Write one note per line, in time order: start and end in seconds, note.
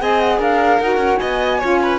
0.00 0.40 C4
0.00 0.81 G#4
0.00 0.39 D#5
0.00 0.20 G#5
0.20 0.40 F#5
0.39 0.80 D4
0.39 1.20 A#4
0.39 0.81 F5
0.81 0.97 D#4
0.81 1.62 F#4
0.81 1.17 F#5
0.97 1.17 C#4
1.17 1.63 B3
1.17 1.60 D#5
1.17 1.98 G#5
1.60 2.00 C#4
1.60 2.00 F4
1.60 1.80 C#5
1.83 2.00 B4